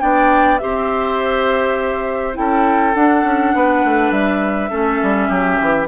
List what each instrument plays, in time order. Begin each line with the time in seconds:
0.00 bassoon B3, clarinet D4, oboe D5, flute G5
0.58 bassoon C4, clarinet G4, oboe C5, flute E5
2.34 bassoon C#4, clarinet E4, oboe A4, flute G5
2.95 bassoon D4, clarinet D4, flute F#5
3.24 bassoon C#4
3.55 bassoon B3, oboe B4
3.85 bassoon A3
4.11 bassoon G3, flute E5
4.70 bassoon A3, clarinet C#4, oboe A4
5.03 bassoon G3
5.29 bassoon F#3, oboe G4
5.61 bassoon E3